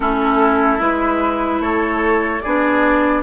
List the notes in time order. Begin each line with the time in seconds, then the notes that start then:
0.00 A3 C#4 E4 A4
0.79 G#3 E4 B4
1.60 A3 A4 C#5
2.41 B3 D4 G#4 D5